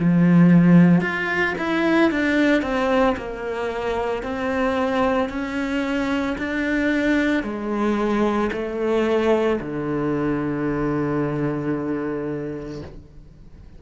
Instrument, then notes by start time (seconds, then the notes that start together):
cello
0.00 F3
1.01 F4
1.58 E4
2.11 D4
2.62 C4
3.17 A#3
4.23 C4
5.29 C#4
6.38 D4
7.44 G#3
8.53 A3
9.61 D3